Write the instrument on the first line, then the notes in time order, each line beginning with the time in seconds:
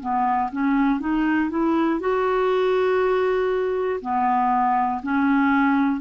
clarinet
0.00 B3
0.52 C#4
1.00 D#4
1.50 E4
2.00 F#4
4.01 B3
5.03 C#4